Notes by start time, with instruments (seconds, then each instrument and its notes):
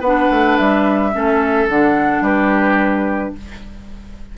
0.00 bassoon B3, clarinet D4, oboe B4, flute F#5
0.31 bassoon A3
0.57 bassoon G3, flute E5
1.13 bassoon A3, clarinet C#4, oboe A4
1.68 bassoon D3, clarinet D4, flute F#5
2.21 bassoon G3, oboe G4, flute B4